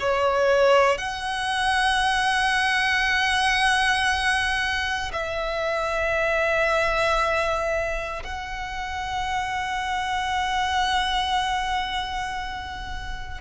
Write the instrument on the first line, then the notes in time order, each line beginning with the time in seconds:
violin
0.00 C#5
0.98 F#5
5.13 E5
8.24 F#5